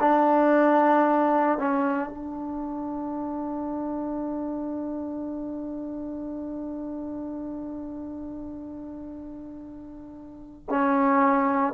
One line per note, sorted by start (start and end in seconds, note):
0.00 1.58 D4
1.58 2.09 C#4
2.09 10.66 D4
10.69 11.74 C#4